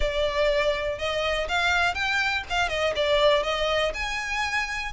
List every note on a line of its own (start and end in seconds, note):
0.00 0.98 D5
0.98 1.47 D#5
1.48 1.94 F5
1.94 2.43 G5
2.49 2.68 F5
2.68 2.93 D#5
2.95 3.43 D5
3.43 3.92 D#5
3.93 4.92 G#5